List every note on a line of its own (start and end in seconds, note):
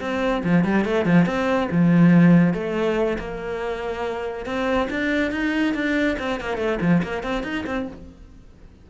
0.00 0.43 C4
0.43 0.64 F3
0.64 0.84 G3
0.84 1.05 A3
1.05 1.25 F3
1.25 1.68 C4
1.71 2.53 F3
2.53 3.17 A3
3.18 4.45 A#3
4.45 4.88 C4
4.90 5.31 D4
5.31 5.74 D#4
5.74 6.16 D4
6.19 6.40 C4
6.40 6.57 A#3
6.57 6.78 A3
6.80 7.02 F3
7.03 7.23 A#3
7.23 7.43 C4
7.43 7.64 D#4
7.66 7.87 C4